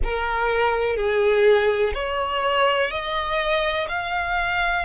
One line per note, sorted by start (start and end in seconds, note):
0.03 0.96 A#4
0.96 1.93 G#4
1.94 2.90 C#5
2.90 3.87 D#5
3.88 4.85 F5